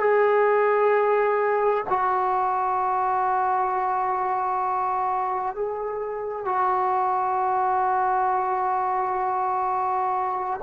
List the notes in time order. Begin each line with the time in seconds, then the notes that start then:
0.00 G#4
1.89 F#4
5.55 G#4
6.45 F#4